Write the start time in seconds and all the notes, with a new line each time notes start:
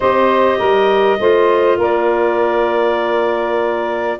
0.00 C4 G4 C5 D#5
0.58 G3 A#4
1.19 A3 F4 C5
1.77 A#3 A#4 D5